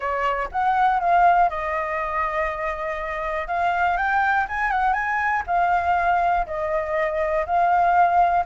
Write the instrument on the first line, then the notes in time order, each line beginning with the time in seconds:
flute
0.00 C#5
0.51 F#5
1.00 F5
1.49 D#5
3.47 F5
3.97 G5
4.48 G#5
4.71 F#5
4.93 G#5
5.46 F5
6.46 D#5
7.46 F5